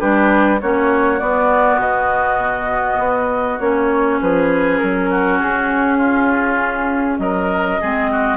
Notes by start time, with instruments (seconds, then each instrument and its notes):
0.00 bassoon G3, clarinet D4, oboe G4, flute B4
0.61 bassoon A#3, clarinet C#4, oboe F#4, flute C#5
1.20 clarinet B3, bassoon B3, flute D5
1.78 bassoon B2, flute D#5
2.99 bassoon B3
3.60 bassoon A#3, clarinet C#4, flute C#5
4.21 bassoon F3, oboe G#4, flute B4
4.79 bassoon F#3, flute A#4
5.10 oboe F#4
5.40 bassoon C#4, flute G#4
5.98 oboe F4
7.19 bassoon F#3, oboe A#4, flute D#5
7.81 bassoon G#3, clarinet C4, oboe G#4
8.12 oboe F#4